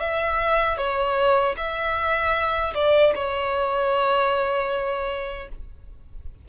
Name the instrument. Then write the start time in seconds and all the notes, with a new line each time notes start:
violin
0.00 E5
0.78 C#5
1.57 E5
2.74 D5
3.15 C#5